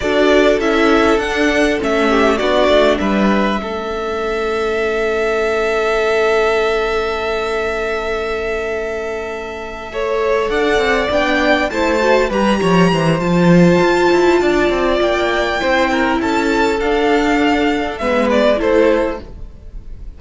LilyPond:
<<
  \new Staff \with { instrumentName = "violin" } { \time 4/4 \tempo 4 = 100 d''4 e''4 fis''4 e''4 | d''4 e''2.~ | e''1~ | e''1~ |
e''4. fis''4 g''4 a''8~ | a''8 ais''4. a''2~ | a''4 g''2 a''4 | f''2 e''8 d''8 c''4 | }
  \new Staff \with { instrumentName = "violin" } { \time 4/4 a'2.~ a'8 g'8 | fis'4 b'4 a'2~ | a'1~ | a'1~ |
a'8 cis''4 d''2 c''8~ | c''8 b'8 cis''8 c''2~ c''8 | d''2 c''8 ais'8 a'4~ | a'2 b'4 a'4 | }
  \new Staff \with { instrumentName = "viola" } { \time 4/4 fis'4 e'4 d'4 cis'4 | d'2 cis'2~ | cis'1~ | cis'1~ |
cis'8 a'2 d'4 e'8 | fis'8 g'4. f'2~ | f'2 e'2 | d'2 b4 e'4 | }
  \new Staff \with { instrumentName = "cello" } { \time 4/4 d'4 cis'4 d'4 a4 | b8 a8 g4 a2~ | a1~ | a1~ |
a4. d'8 c'8 b4 a8~ | a8 g8 f8 e8 f4 f'8 e'8 | d'8 c'8 ais4 c'4 cis'4 | d'2 gis4 a4 | }
>>